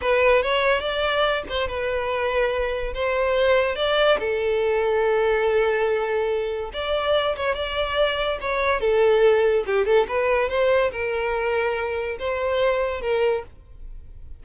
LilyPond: \new Staff \with { instrumentName = "violin" } { \time 4/4 \tempo 4 = 143 b'4 cis''4 d''4. c''8 | b'2. c''4~ | c''4 d''4 a'2~ | a'1 |
d''4. cis''8 d''2 | cis''4 a'2 g'8 a'8 | b'4 c''4 ais'2~ | ais'4 c''2 ais'4 | }